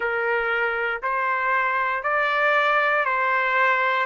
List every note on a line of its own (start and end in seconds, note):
0.00 1.01 A#4
1.02 2.03 C5
2.03 3.05 D5
3.05 4.06 C5